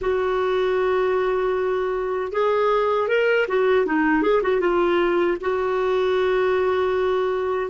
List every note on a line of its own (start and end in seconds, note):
0.01 2.31 F#4
2.31 3.08 G#4
3.08 3.46 A#4
3.48 3.86 F#4
3.86 4.22 D#4
4.22 4.41 G#4
4.42 4.60 F#4
4.60 5.37 F4
5.41 7.70 F#4